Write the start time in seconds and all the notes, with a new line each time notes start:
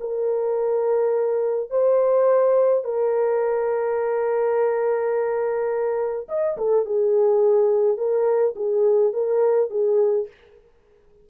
0.00 A#4
1.70 C5
2.84 A#4
6.28 D#5
6.57 A4
6.85 G#4
7.97 A#4
8.56 G#4
9.13 A#4
9.70 G#4